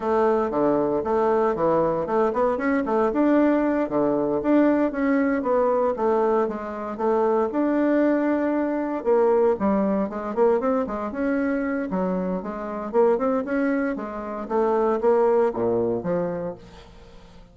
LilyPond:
\new Staff \with { instrumentName = "bassoon" } { \time 4/4 \tempo 4 = 116 a4 d4 a4 e4 | a8 b8 cis'8 a8 d'4. d8~ | d8 d'4 cis'4 b4 a8~ | a8 gis4 a4 d'4.~ |
d'4. ais4 g4 gis8 | ais8 c'8 gis8 cis'4. fis4 | gis4 ais8 c'8 cis'4 gis4 | a4 ais4 ais,4 f4 | }